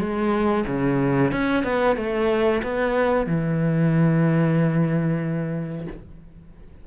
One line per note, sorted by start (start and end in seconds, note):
0.00 0.65 G#3
0.67 1.32 C#3
1.32 1.64 C#4
1.64 1.97 B3
1.97 2.62 A3
2.63 3.27 B3
3.27 5.88 E3